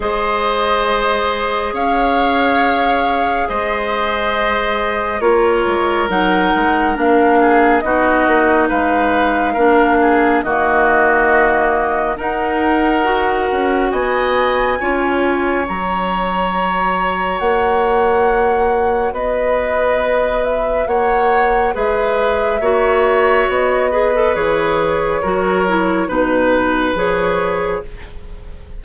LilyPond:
<<
  \new Staff \with { instrumentName = "flute" } { \time 4/4 \tempo 4 = 69 dis''2 f''2 | dis''2 cis''4 fis''4 | f''4 dis''4 f''2 | dis''2 fis''2 |
gis''2 ais''2 | fis''2 dis''4. e''8 | fis''4 e''2 dis''4 | cis''2 b'4 cis''4 | }
  \new Staff \with { instrumentName = "oboe" } { \time 4/4 c''2 cis''2 | c''2 ais'2~ | ais'8 gis'8 fis'4 b'4 ais'8 gis'8 | fis'2 ais'2 |
dis''4 cis''2.~ | cis''2 b'2 | cis''4 b'4 cis''4. b'8~ | b'4 ais'4 b'2 | }
  \new Staff \with { instrumentName = "clarinet" } { \time 4/4 gis'1~ | gis'2 f'4 dis'4 | d'4 dis'2 d'4 | ais2 dis'4 fis'4~ |
fis'4 f'4 fis'2~ | fis'1~ | fis'4 gis'4 fis'4. gis'16 a'16 | gis'4 fis'8 e'8 dis'4 gis'4 | }
  \new Staff \with { instrumentName = "bassoon" } { \time 4/4 gis2 cis'2 | gis2 ais8 gis8 fis8 gis8 | ais4 b8 ais8 gis4 ais4 | dis2 dis'4. cis'8 |
b4 cis'4 fis2 | ais2 b2 | ais4 gis4 ais4 b4 | e4 fis4 b,4 f4 | }
>>